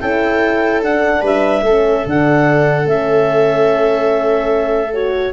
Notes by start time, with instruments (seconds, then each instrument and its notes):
0.00 tuba C#4, horn E4, viola A4, clarinet G5
0.83 horn D4, tuba D4, clarinet F#5
1.21 tuba G3, viola B4, clarinet E5
1.62 tuba A3, horn C#4, viola A4
2.05 tuba D3, horn D4, clarinet F#5
2.84 tuba A3, horn C#4, clarinet E5
4.93 horn F#4, clarinet C#5